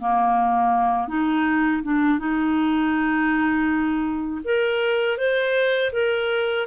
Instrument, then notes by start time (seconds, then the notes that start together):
clarinet
0.00 A#3
1.08 D#4
1.83 D4
2.19 D#4
4.45 A#4
5.18 C5
5.93 A#4